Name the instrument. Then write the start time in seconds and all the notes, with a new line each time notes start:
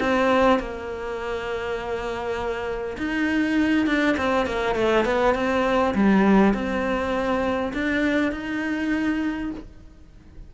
cello
0.00 C4
0.59 A#3
2.98 D#4
3.87 D4
4.17 C4
4.46 A#3
4.76 A3
5.05 B3
5.35 C4
5.95 G3
6.54 C4
7.74 D4
8.32 D#4